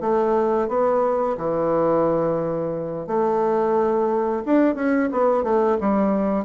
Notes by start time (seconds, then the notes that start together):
0.00 A3
0.68 B3
1.37 E3
3.07 A3
4.45 D4
4.75 C#4
5.11 B3
5.43 A3
5.80 G3